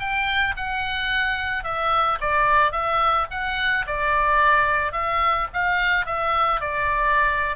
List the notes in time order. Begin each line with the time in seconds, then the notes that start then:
0.00 G5
0.57 F#5
1.64 E5
2.21 D5
2.72 E5
3.31 F#5
3.87 D5
4.92 E5
5.54 F5
6.06 E5
6.61 D5